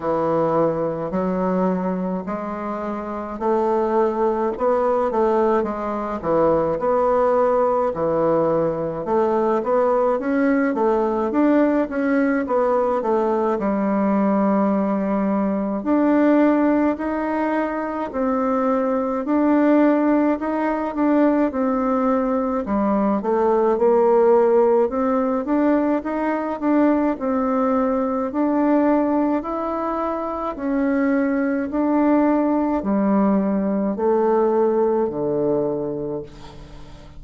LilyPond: \new Staff \with { instrumentName = "bassoon" } { \time 4/4 \tempo 4 = 53 e4 fis4 gis4 a4 | b8 a8 gis8 e8 b4 e4 | a8 b8 cis'8 a8 d'8 cis'8 b8 a8 | g2 d'4 dis'4 |
c'4 d'4 dis'8 d'8 c'4 | g8 a8 ais4 c'8 d'8 dis'8 d'8 | c'4 d'4 e'4 cis'4 | d'4 g4 a4 d4 | }